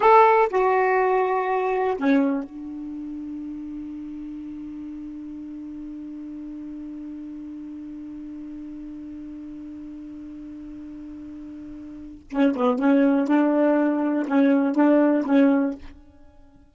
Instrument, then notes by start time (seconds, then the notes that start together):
saxophone
0.00 A4
0.49 F#4
1.98 C#4
2.43 D4
12.30 C#4
12.55 B3
12.78 C#4
13.27 D4
14.27 C#4
14.75 D4
15.25 C#4